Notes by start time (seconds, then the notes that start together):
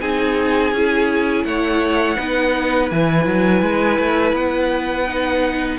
0.00 C4 D#4 G#4 G#5
0.72 C#4 E4
1.44 A3 C#5 F#5
2.17 B3 D#4 B4
2.90 E3 E4 G#5
3.25 F#3
3.61 G#3
3.98 A3
4.32 B3 F#5
5.08 D#4